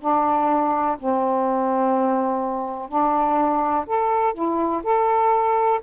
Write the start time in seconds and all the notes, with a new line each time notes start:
0.00 D4
0.99 C4
2.88 D4
3.87 A4
4.33 E4
4.83 A4